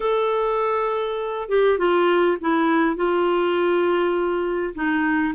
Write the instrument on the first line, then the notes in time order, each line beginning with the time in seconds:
clarinet
0.00 A4
1.49 G4
1.78 F4
2.40 E4
2.95 F4
4.74 D#4